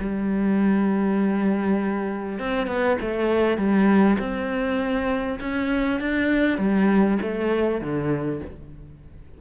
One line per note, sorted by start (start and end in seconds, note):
0.00 2.39 G3
2.39 2.67 C4
2.67 2.97 B3
3.01 3.58 A3
3.58 4.18 G3
4.19 5.39 C4
5.41 6.01 C#4
6.01 6.58 D4
6.58 7.18 G3
7.22 7.81 A3
7.81 8.41 D3